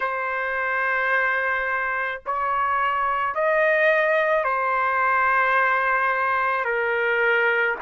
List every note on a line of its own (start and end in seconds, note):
0.00 2.21 C5
2.26 3.34 C#5
3.34 4.43 D#5
4.43 6.65 C5
6.65 7.76 A#4